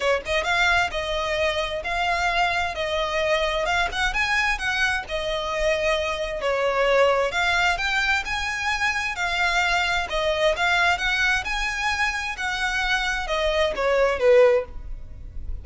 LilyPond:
\new Staff \with { instrumentName = "violin" } { \time 4/4 \tempo 4 = 131 cis''8 dis''8 f''4 dis''2 | f''2 dis''2 | f''8 fis''8 gis''4 fis''4 dis''4~ | dis''2 cis''2 |
f''4 g''4 gis''2 | f''2 dis''4 f''4 | fis''4 gis''2 fis''4~ | fis''4 dis''4 cis''4 b'4 | }